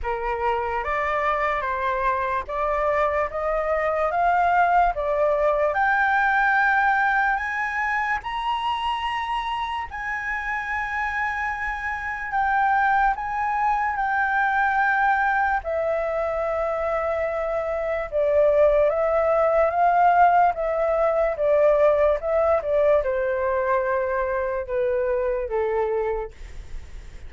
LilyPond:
\new Staff \with { instrumentName = "flute" } { \time 4/4 \tempo 4 = 73 ais'4 d''4 c''4 d''4 | dis''4 f''4 d''4 g''4~ | g''4 gis''4 ais''2 | gis''2. g''4 |
gis''4 g''2 e''4~ | e''2 d''4 e''4 | f''4 e''4 d''4 e''8 d''8 | c''2 b'4 a'4 | }